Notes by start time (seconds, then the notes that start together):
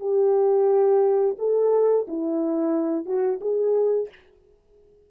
0.00 G4
1.38 A4
2.07 E4
3.05 F#4
3.41 G#4